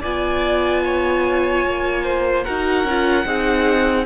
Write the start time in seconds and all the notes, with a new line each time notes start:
0.00 B3 F4 D5 G#5
0.84 C#5
1.65 A#3
2.04 C5
2.43 D#4 F#4 A#4 F#5
2.84 C#4 F4
3.25 C4 D#4 G#4